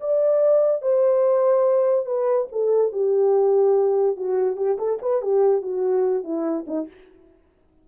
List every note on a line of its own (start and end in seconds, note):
0.00 0.81 D5
0.81 2.05 C5
2.05 2.47 B4
2.52 2.92 A4
2.92 4.16 G4
4.16 4.56 F#4
4.56 4.77 G4
4.78 4.99 A4
5.02 5.22 B4
5.22 5.61 G4
5.61 6.23 F#4
6.23 6.65 E4
6.66 6.87 D#4